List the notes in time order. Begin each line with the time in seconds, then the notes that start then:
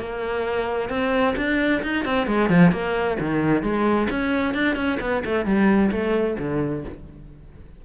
0.00 A#3
0.90 C4
1.37 D4
1.83 D#4
2.05 C4
2.28 G#3
2.50 F3
2.72 A#3
3.20 D#3
3.63 G#3
4.11 C#4
4.55 D4
4.76 C#4
5.01 B3
5.26 A3
5.46 G3
5.92 A3
6.39 D3